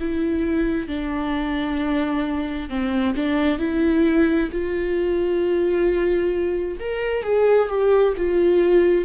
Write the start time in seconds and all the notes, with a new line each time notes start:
0.00 E4
0.88 D4
2.70 C4
3.17 D4
3.59 E4
4.52 F4
6.80 A#4
7.24 G#4
7.69 G4
8.17 F4